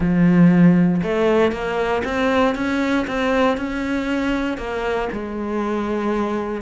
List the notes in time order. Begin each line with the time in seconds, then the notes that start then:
0.00 F3
1.02 A3
1.52 A#3
2.04 C4
2.55 C#4
3.07 C4
3.57 C#4
4.57 A#3
5.12 G#3